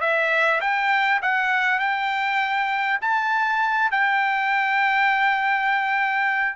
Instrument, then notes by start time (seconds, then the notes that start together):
trumpet
0.00 E5
0.60 G5
1.22 F#5
1.79 G5
3.01 A5
3.91 G5